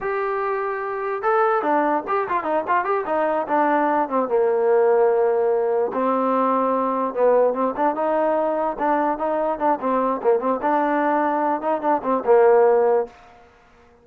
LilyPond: \new Staff \with { instrumentName = "trombone" } { \time 4/4 \tempo 4 = 147 g'2. a'4 | d'4 g'8 f'8 dis'8 f'8 g'8 dis'8~ | dis'8 d'4. c'8 ais4.~ | ais2~ ais8 c'4.~ |
c'4. b4 c'8 d'8 dis'8~ | dis'4. d'4 dis'4 d'8 | c'4 ais8 c'8 d'2~ | d'8 dis'8 d'8 c'8 ais2 | }